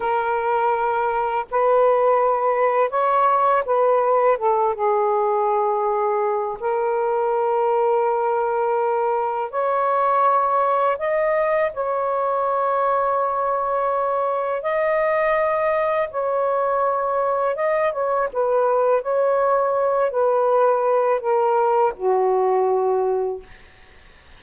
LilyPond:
\new Staff \with { instrumentName = "saxophone" } { \time 4/4 \tempo 4 = 82 ais'2 b'2 | cis''4 b'4 a'8 gis'4.~ | gis'4 ais'2.~ | ais'4 cis''2 dis''4 |
cis''1 | dis''2 cis''2 | dis''8 cis''8 b'4 cis''4. b'8~ | b'4 ais'4 fis'2 | }